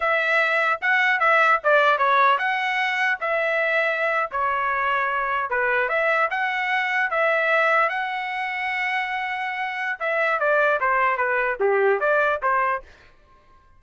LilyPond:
\new Staff \with { instrumentName = "trumpet" } { \time 4/4 \tempo 4 = 150 e''2 fis''4 e''4 | d''4 cis''4 fis''2 | e''2~ e''8. cis''4~ cis''16~ | cis''4.~ cis''16 b'4 e''4 fis''16~ |
fis''4.~ fis''16 e''2 fis''16~ | fis''1~ | fis''4 e''4 d''4 c''4 | b'4 g'4 d''4 c''4 | }